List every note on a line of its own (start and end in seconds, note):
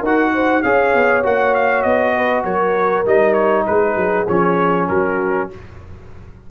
0.00 0.63 D#4
0.00 0.65 F#4
0.00 0.30 A#4
0.00 0.63 F#5
0.34 0.64 C5
0.63 0.94 C#4
0.63 1.23 G#4
0.63 2.16 C#5
0.63 1.23 F5
0.95 1.25 B3
1.23 1.85 A#3
1.23 3.05 F#4
1.23 1.55 F#5
1.55 1.83 F5
1.83 2.45 B3
1.83 2.43 D#5
2.16 2.44 B4
2.44 3.05 F#3
2.44 3.66 A#4
2.44 3.05 C#5
3.06 3.66 G3
3.06 4.27 D#4
3.06 3.34 D#5
3.34 3.64 C#5
3.67 3.96 G#3
3.67 4.89 G#4
3.67 4.28 B4
3.96 4.27 F#3
4.28 4.90 F3
4.28 5.51 C#4
4.28 4.89 C#5
4.89 5.51 F#3
4.89 5.50 F#4
4.89 5.49 A#4